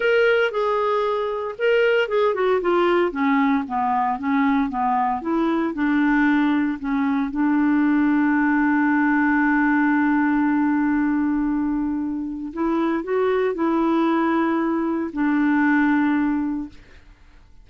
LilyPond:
\new Staff \with { instrumentName = "clarinet" } { \time 4/4 \tempo 4 = 115 ais'4 gis'2 ais'4 | gis'8 fis'8 f'4 cis'4 b4 | cis'4 b4 e'4 d'4~ | d'4 cis'4 d'2~ |
d'1~ | d'1 | e'4 fis'4 e'2~ | e'4 d'2. | }